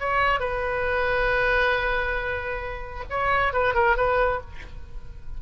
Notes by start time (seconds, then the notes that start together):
0.00 C#5
0.40 B4
3.10 C#5
3.54 B4
3.75 A#4
3.97 B4